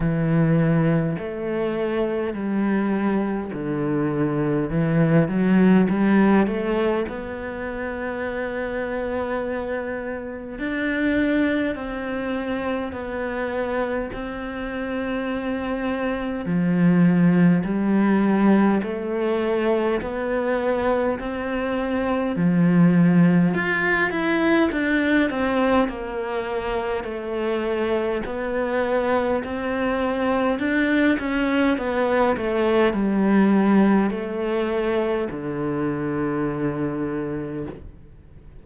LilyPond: \new Staff \with { instrumentName = "cello" } { \time 4/4 \tempo 4 = 51 e4 a4 g4 d4 | e8 fis8 g8 a8 b2~ | b4 d'4 c'4 b4 | c'2 f4 g4 |
a4 b4 c'4 f4 | f'8 e'8 d'8 c'8 ais4 a4 | b4 c'4 d'8 cis'8 b8 a8 | g4 a4 d2 | }